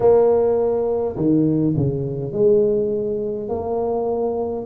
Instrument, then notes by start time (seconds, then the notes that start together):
tuba
0.00 A#3
1.16 D#3
1.76 C#3
2.32 G#3
3.48 A#3